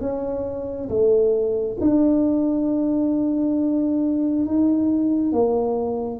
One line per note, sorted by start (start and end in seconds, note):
0.00 0.88 C#4
0.89 1.77 A3
1.80 4.45 D4
4.45 5.32 D#4
5.32 6.19 A#3